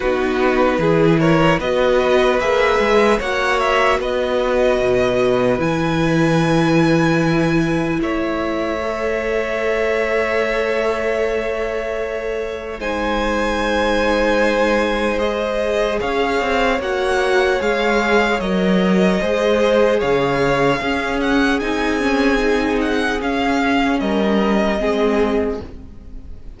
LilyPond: <<
  \new Staff \with { instrumentName = "violin" } { \time 4/4 \tempo 4 = 75 b'4. cis''8 dis''4 e''4 | fis''8 e''8 dis''2 gis''4~ | gis''2 e''2~ | e''1 |
gis''2. dis''4 | f''4 fis''4 f''4 dis''4~ | dis''4 f''4. fis''8 gis''4~ | gis''8 fis''8 f''4 dis''2 | }
  \new Staff \with { instrumentName = "violin" } { \time 4/4 fis'4 gis'8 ais'8 b'2 | cis''4 b'2.~ | b'2 cis''2~ | cis''1 |
c''1 | cis''1 | c''4 cis''4 gis'2~ | gis'2 ais'4 gis'4 | }
  \new Staff \with { instrumentName = "viola" } { \time 4/4 dis'4 e'4 fis'4 gis'4 | fis'2. e'4~ | e'2. a'4~ | a'1 |
dis'2. gis'4~ | gis'4 fis'4 gis'4 ais'4 | gis'2 cis'4 dis'8 cis'8 | dis'4 cis'2 c'4 | }
  \new Staff \with { instrumentName = "cello" } { \time 4/4 b4 e4 b4 ais8 gis8 | ais4 b4 b,4 e4~ | e2 a2~ | a1 |
gis1 | cis'8 c'8 ais4 gis4 fis4 | gis4 cis4 cis'4 c'4~ | c'4 cis'4 g4 gis4 | }
>>